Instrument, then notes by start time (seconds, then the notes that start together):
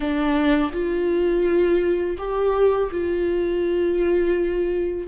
viola
0.00 D4
0.72 F4
2.18 G4
2.91 F4